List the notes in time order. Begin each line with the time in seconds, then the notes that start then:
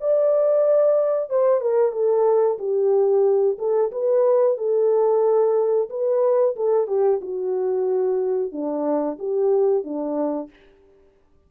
0.00 D5
1.29 C5
1.61 A#4
1.92 A4
2.58 G4
3.58 A4
3.91 B4
4.57 A4
5.89 B4
6.56 A4
6.87 G4
7.21 F#4
8.52 D4
9.19 G4
9.84 D4